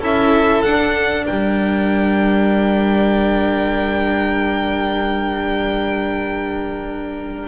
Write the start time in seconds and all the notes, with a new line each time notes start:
0.00 C#4 E4 A4 E5
0.62 D4 F#5
1.24 G3 A#4 G5